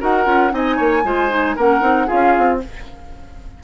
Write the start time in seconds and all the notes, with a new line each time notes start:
0.00 D#4 F#4 A#4 F#5
0.25 C#4 F4
0.50 C4 D#4 D#5 G#5
0.76 A#3 C#5
1.04 G#3 F4 C5
1.29 D#4
1.56 A#3 C#4 A#4 F#5
1.81 C4 D#4
2.07 C#4 F4 G#4 F5
2.37 C4